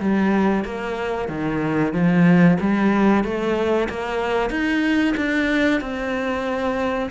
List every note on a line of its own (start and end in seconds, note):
0.00 0.65 G3
0.65 1.28 A#3
1.28 1.93 D#3
1.93 2.57 F3
2.60 3.24 G3
3.24 3.89 A3
3.89 4.50 A#3
4.50 5.15 D#4
5.17 5.81 D4
5.81 7.10 C4